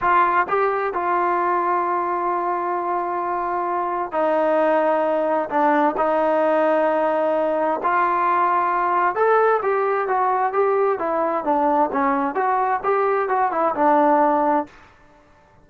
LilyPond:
\new Staff \with { instrumentName = "trombone" } { \time 4/4 \tempo 4 = 131 f'4 g'4 f'2~ | f'1~ | f'4 dis'2. | d'4 dis'2.~ |
dis'4 f'2. | a'4 g'4 fis'4 g'4 | e'4 d'4 cis'4 fis'4 | g'4 fis'8 e'8 d'2 | }